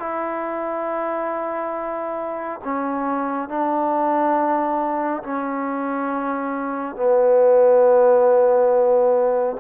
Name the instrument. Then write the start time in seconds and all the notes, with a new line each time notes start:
trombone
0.00 E4
2.64 C#4
3.49 D4
5.24 C#4
6.96 B3